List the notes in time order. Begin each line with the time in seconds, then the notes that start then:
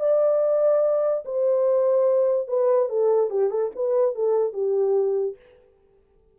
0.00 D5
1.25 C5
2.48 B4
2.89 A4
3.30 G4
3.50 A4
3.75 B4
4.15 A4
4.53 G4